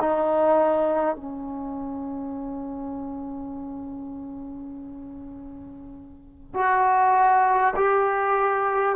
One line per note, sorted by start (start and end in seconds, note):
0.00 1.15 D#4
1.15 6.53 C#4
6.53 7.73 F#4
7.76 8.96 G4